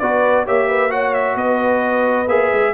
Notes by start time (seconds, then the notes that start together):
0.00 B3 F#4 B4 D5
0.45 A#3 G4 C#5 E5
0.69 B4
0.90 F#4 C#5 F#5
1.14 E5
1.36 B3 B4 D#5
2.28 A#3 G#4 E5
2.53 G#3